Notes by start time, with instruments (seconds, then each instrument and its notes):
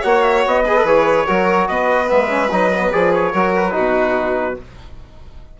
0.00 bassoon A#3, trombone F#4, violin C#5, trumpet F#5
0.22 trumpet E5
0.46 bassoon B3, trumpet D#5
0.64 trombone G#4, violin B4
0.77 trombone A4
0.84 bassoon E3, trombone G#4, trumpet C#5
1.26 bassoon F#3, trombone F#4, violin A#4
1.67 bassoon B3, violin B4, trumpet D#5
2.06 bassoon G#3, trombone B3, trumpet E5
2.27 trombone C#4
2.51 bassoon F#3, trombone D#4, trumpet D#5
2.73 trombone B3
2.90 bassoon F3, trombone G#4, trumpet D5
3.13 trumpet C#5
3.32 bassoon F#3, trombone F#4, violin A#4
3.56 trumpet B4
3.71 bassoon B2, trombone D#4, violin F#4